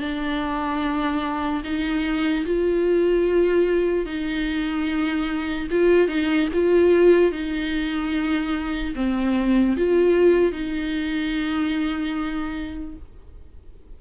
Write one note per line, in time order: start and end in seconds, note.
0.00 1.62 D4
1.64 2.45 D#4
2.45 4.05 F4
4.05 5.67 D#4
5.71 6.08 F4
6.08 6.48 D#4
6.53 7.32 F4
7.32 8.94 D#4
8.95 9.76 C4
9.77 10.51 F4
10.51 12.95 D#4